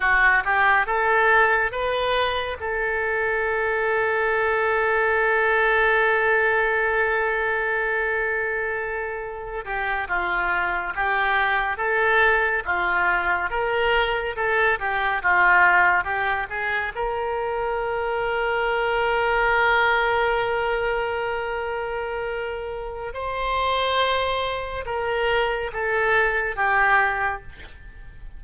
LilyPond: \new Staff \with { instrumentName = "oboe" } { \time 4/4 \tempo 4 = 70 fis'8 g'8 a'4 b'4 a'4~ | a'1~ | a'2.~ a'16 g'8 f'16~ | f'8. g'4 a'4 f'4 ais'16~ |
ais'8. a'8 g'8 f'4 g'8 gis'8 ais'16~ | ais'1~ | ais'2. c''4~ | c''4 ais'4 a'4 g'4 | }